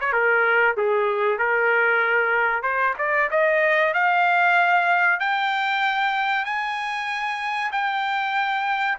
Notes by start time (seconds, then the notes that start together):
0.00 C#5
0.13 A#4
0.77 G#4
1.38 A#4
2.63 C5
2.98 D5
3.31 D#5
3.94 F5
5.20 G5
6.45 G#5
7.72 G5